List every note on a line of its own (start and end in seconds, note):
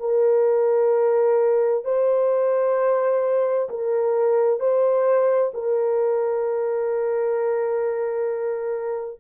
0.00 1.85 A#4
1.85 3.69 C5
3.69 4.59 A#4
4.59 5.52 C5
5.54 9.20 A#4